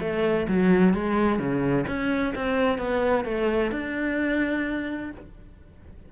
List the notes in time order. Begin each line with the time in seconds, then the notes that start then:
0.00 A3
0.48 F#3
0.93 G#3
1.39 C#3
1.87 C#4
2.35 C4
2.78 B3
3.24 A3
3.71 D4